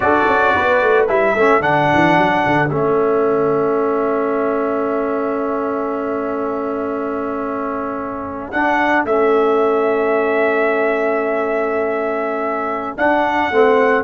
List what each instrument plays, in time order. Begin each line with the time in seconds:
0.00 tuba D4, trombone F#4, horn A4, trumpet D5
0.27 tuba C#4
0.55 tuba B3, horn B4
0.82 tuba A3
1.08 tuba G3, trombone E4, trumpet E5
1.34 tuba A3, trombone C#4, horn A4
1.60 tuba D3, trombone D4, trumpet F#5
1.93 tuba E3
2.17 tuba F#3
2.46 tuba D3
2.69 tuba A3, trombone C#4, trumpet E5
8.51 tuba D4, trombone D4, trumpet F#5
9.04 tuba A3, trombone C#4, trumpet E5
12.97 tuba D4, trombone D4, trumpet F#5
13.51 tuba A3, trombone C4